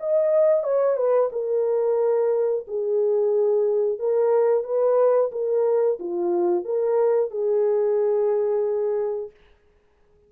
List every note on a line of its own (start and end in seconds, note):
0.00 0.63 D#5
0.63 0.97 C#5
0.97 1.30 B4
1.32 2.66 A#4
2.68 3.99 G#4
3.99 4.64 A#4
4.64 5.31 B4
5.32 5.99 A#4
6.00 6.65 F4
6.65 7.31 A#4
7.31 9.31 G#4